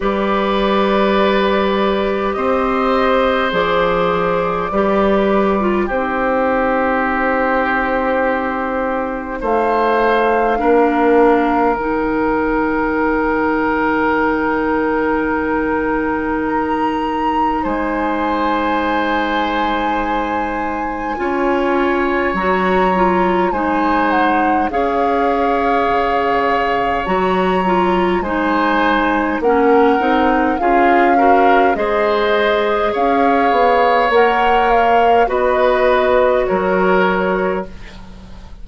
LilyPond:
<<
  \new Staff \with { instrumentName = "flute" } { \time 4/4 \tempo 4 = 51 d''2 dis''4 d''4~ | d''4 c''2. | f''2 g''2~ | g''2 ais''4 gis''4~ |
gis''2. ais''4 | gis''8 fis''8 f''2 ais''4 | gis''4 fis''4 f''4 dis''4 | f''4 fis''8 f''8 dis''4 cis''4 | }
  \new Staff \with { instrumentName = "oboe" } { \time 4/4 b'2 c''2 | b'4 g'2. | c''4 ais'2.~ | ais'2. c''4~ |
c''2 cis''2 | c''4 cis''2. | c''4 ais'4 gis'8 ais'8 c''4 | cis''2 b'4 ais'4 | }
  \new Staff \with { instrumentName = "clarinet" } { \time 4/4 g'2. gis'4 | g'8. f'16 dis'2.~ | dis'4 d'4 dis'2~ | dis'1~ |
dis'2 f'4 fis'8 f'8 | dis'4 gis'2 fis'8 f'8 | dis'4 cis'8 dis'8 f'8 fis'8 gis'4~ | gis'4 ais'4 fis'2 | }
  \new Staff \with { instrumentName = "bassoon" } { \time 4/4 g2 c'4 f4 | g4 c'2. | a4 ais4 dis2~ | dis2. gis4~ |
gis2 cis'4 fis4 | gis4 cis'4 cis4 fis4 | gis4 ais8 c'8 cis'4 gis4 | cis'8 b8 ais4 b4 fis4 | }
>>